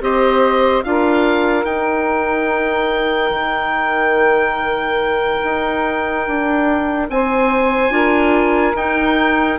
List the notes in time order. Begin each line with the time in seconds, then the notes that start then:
0.00 C4 G4 C5 D#5
0.84 D4 F4 A#4 F5
1.64 D#4 G5
3.30 D#3
5.44 D#4
6.27 D4
7.09 C4 C5 G#5
7.90 D4 F4 A#4
8.75 D#4 G5